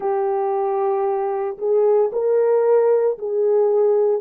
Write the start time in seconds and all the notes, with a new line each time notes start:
0.00 G4
1.58 G#4
2.12 A#4
3.18 G#4